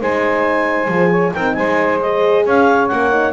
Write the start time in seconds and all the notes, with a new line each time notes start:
0.00 G#3 D#4 C5 G#5
0.87 F3 G#4
1.09 C#5
1.33 C4 D#4 A#4 G5
1.54 G#3 C5 G#5
2.01 G#4 D#5
2.44 C#4 C#5 F5
2.88 A#3 C#4 F#5
3.11 D#4